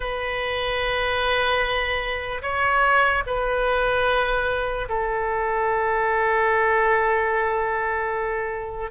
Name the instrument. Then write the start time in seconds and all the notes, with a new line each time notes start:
oboe
0.00 B4
2.41 C#5
3.26 B4
4.89 A4